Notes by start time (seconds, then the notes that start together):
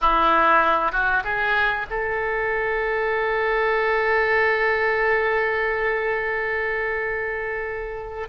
0.01 E4
0.91 F#4
1.24 G#4
1.89 A4